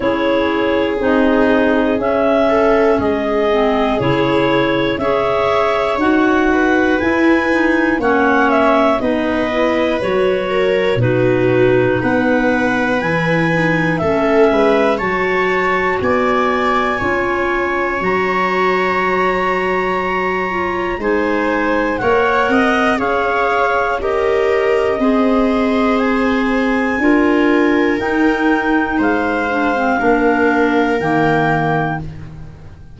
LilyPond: <<
  \new Staff \with { instrumentName = "clarinet" } { \time 4/4 \tempo 4 = 60 cis''4 dis''4 e''4 dis''4 | cis''4 e''4 fis''4 gis''4 | fis''8 e''8 dis''4 cis''4 b'4 | fis''4 gis''4 e''4 a''4 |
gis''2 ais''2~ | ais''4 gis''4 fis''4 f''4 | dis''2 gis''2 | g''4 f''2 g''4 | }
  \new Staff \with { instrumentName = "viola" } { \time 4/4 gis'2~ gis'8 a'8 gis'4~ | gis'4 cis''4. b'4. | cis''4 b'4. ais'8 fis'4 | b'2 a'8 b'8 cis''4 |
d''4 cis''2.~ | cis''4 c''4 cis''8 dis''8 cis''4 | ais'4 c''2 ais'4~ | ais'4 c''4 ais'2 | }
  \new Staff \with { instrumentName = "clarinet" } { \time 4/4 e'4 dis'4 cis'4. c'8 | e'4 gis'4 fis'4 e'8 dis'8 | cis'4 dis'8 e'8 fis'4 dis'4~ | dis'4 e'8 dis'8 cis'4 fis'4~ |
fis'4 f'4 fis'2~ | fis'8 f'8 dis'4 ais'4 gis'4 | g'4 gis'2 f'4 | dis'4. d'16 c'16 d'4 ais4 | }
  \new Staff \with { instrumentName = "tuba" } { \time 4/4 cis'4 c'4 cis'4 gis4 | cis4 cis'4 dis'4 e'4 | ais4 b4 fis4 b,4 | b4 e4 a8 gis8 fis4 |
b4 cis'4 fis2~ | fis4 gis4 ais8 c'8 cis'4~ | cis'4 c'2 d'4 | dis'4 gis4 ais4 dis4 | }
>>